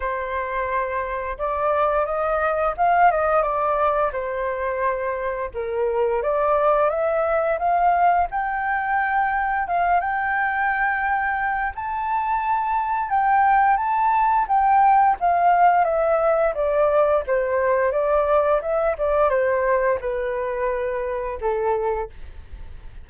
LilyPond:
\new Staff \with { instrumentName = "flute" } { \time 4/4 \tempo 4 = 87 c''2 d''4 dis''4 | f''8 dis''8 d''4 c''2 | ais'4 d''4 e''4 f''4 | g''2 f''8 g''4.~ |
g''4 a''2 g''4 | a''4 g''4 f''4 e''4 | d''4 c''4 d''4 e''8 d''8 | c''4 b'2 a'4 | }